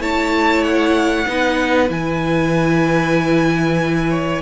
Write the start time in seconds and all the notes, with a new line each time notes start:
0.00 A3 E4 C#5 A5
0.64 F#5
1.27 B3 D#4 B4
1.89 E3 E4 G#5
4.11 C#5